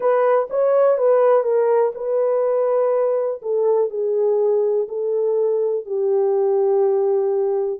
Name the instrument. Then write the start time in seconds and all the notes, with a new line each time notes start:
horn
0.00 B4
0.49 C#5
0.97 B4
1.43 A#4
1.94 B4
3.42 A4
3.90 G#4
4.88 A4
5.85 G4